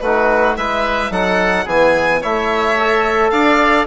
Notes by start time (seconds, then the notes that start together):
0.00 A3 D#4 F#4 B4
0.57 G#3 E4 B4 E5
1.10 F#3 D#4 A4 F#5
1.65 E3 B3 G#4 G#5
2.21 A3 E4 C#5 E5
2.80 A4
3.30 D4 D5 F5